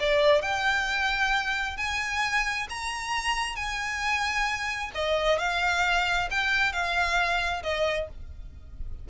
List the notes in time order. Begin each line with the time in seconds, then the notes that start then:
0.00 D5
0.42 G5
1.77 G#5
2.69 A#5
3.56 G#5
4.95 D#5
5.39 F5
6.31 G5
6.73 F5
7.63 D#5